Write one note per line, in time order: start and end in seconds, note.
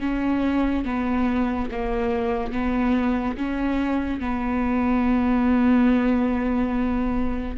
0.00 0.85 C#4
0.85 1.69 B3
1.71 2.52 A#3
2.52 3.36 B3
3.37 4.20 C#4
4.20 7.57 B3